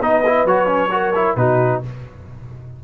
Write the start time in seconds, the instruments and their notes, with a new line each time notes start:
0.00 tuba B3, trombone D#4, horn B4, trumpet D#5
0.26 trombone E4
0.44 tuba F#3, trombone F#4, trumpet C#5
0.66 trombone C#4
0.91 trombone F#4, horn A#4
1.15 trombone E4
1.36 tuba B2, trombone D#4, horn F#4, trumpet B4